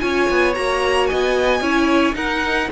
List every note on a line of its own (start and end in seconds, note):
0.00 0.30 C#4
0.00 0.54 F4
0.00 1.09 C#5
0.00 0.54 G#5
0.30 0.57 B3
0.54 1.11 A#3
0.54 1.62 F#4
0.54 1.07 A#5
1.07 1.61 B3
1.07 1.61 D#5
1.07 2.15 G#5
1.61 2.15 C#4
1.61 2.14 E4
1.61 2.16 C#5
2.14 2.68 D#4
2.14 2.69 D#4
2.14 2.70 A#4
2.14 2.70 F#5